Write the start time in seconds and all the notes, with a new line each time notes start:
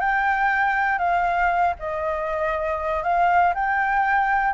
0.00 G5
0.99 F5
1.79 D#5
3.03 F5
3.55 G5